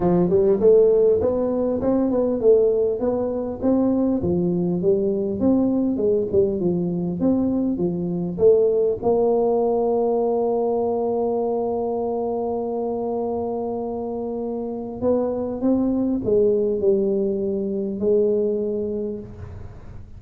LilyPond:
\new Staff \with { instrumentName = "tuba" } { \time 4/4 \tempo 4 = 100 f8 g8 a4 b4 c'8 b8 | a4 b4 c'4 f4 | g4 c'4 gis8 g8 f4 | c'4 f4 a4 ais4~ |
ais1~ | ais1~ | ais4 b4 c'4 gis4 | g2 gis2 | }